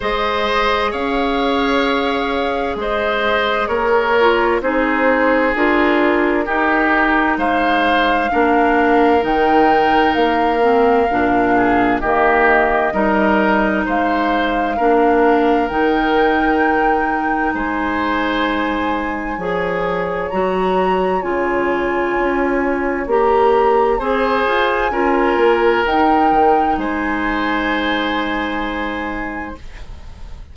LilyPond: <<
  \new Staff \with { instrumentName = "flute" } { \time 4/4 \tempo 4 = 65 dis''4 f''2 dis''4 | cis''4 c''4 ais'2 | f''2 g''4 f''4~ | f''4 dis''2 f''4~ |
f''4 g''2 gis''4~ | gis''2 ais''4 gis''4~ | gis''4 ais''4 gis''2 | g''4 gis''2. | }
  \new Staff \with { instrumentName = "oboe" } { \time 4/4 c''4 cis''2 c''4 | ais'4 gis'2 g'4 | c''4 ais'2.~ | ais'8 gis'8 g'4 ais'4 c''4 |
ais'2. c''4~ | c''4 cis''2.~ | cis''2 c''4 ais'4~ | ais'4 c''2. | }
  \new Staff \with { instrumentName = "clarinet" } { \time 4/4 gis'1~ | gis'8 f'8 dis'4 f'4 dis'4~ | dis'4 d'4 dis'4. c'8 | d'4 ais4 dis'2 |
d'4 dis'2.~ | dis'4 gis'4 fis'4 f'4~ | f'4 g'4 gis'4 f'4 | dis'1 | }
  \new Staff \with { instrumentName = "bassoon" } { \time 4/4 gis4 cis'2 gis4 | ais4 c'4 d'4 dis'4 | gis4 ais4 dis4 ais4 | ais,4 dis4 g4 gis4 |
ais4 dis2 gis4~ | gis4 f4 fis4 cis4 | cis'4 ais4 c'8 f'8 cis'8 ais8 | dis'8 dis8 gis2. | }
>>